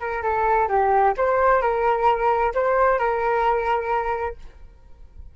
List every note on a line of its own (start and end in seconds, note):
0.00 0.22 A#4
0.22 0.68 A4
0.68 1.14 G4
1.17 1.62 C5
1.62 2.53 A#4
2.54 2.99 C5
2.99 4.36 A#4